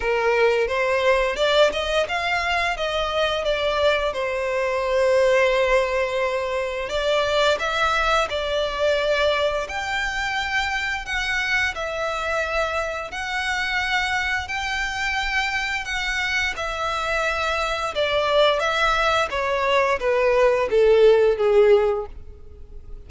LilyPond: \new Staff \with { instrumentName = "violin" } { \time 4/4 \tempo 4 = 87 ais'4 c''4 d''8 dis''8 f''4 | dis''4 d''4 c''2~ | c''2 d''4 e''4 | d''2 g''2 |
fis''4 e''2 fis''4~ | fis''4 g''2 fis''4 | e''2 d''4 e''4 | cis''4 b'4 a'4 gis'4 | }